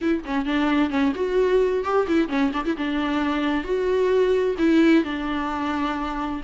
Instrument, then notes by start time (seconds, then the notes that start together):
viola
0.01 E4
0.24 C#4
0.45 D4
0.90 C#4
1.15 F#4
1.84 G4
2.07 E4
2.28 C#4
2.53 D4
2.65 E4
2.77 D4
3.64 F#4
4.58 E4
5.04 D4